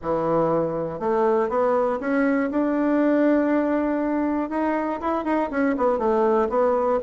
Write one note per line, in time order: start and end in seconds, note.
0.02 0.99 E3
0.99 1.49 A3
1.49 1.99 B3
2.00 2.50 C#4
2.50 4.49 D4
4.49 4.99 D#4
5.00 5.24 E4
5.24 5.49 D#4
5.50 5.75 C#4
5.77 5.98 B3
5.98 6.48 A3
6.49 6.99 B3